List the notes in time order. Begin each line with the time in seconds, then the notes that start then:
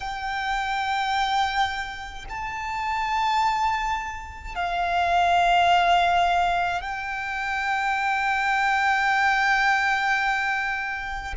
0.00 G5
2.29 A5
4.55 F5
6.81 G5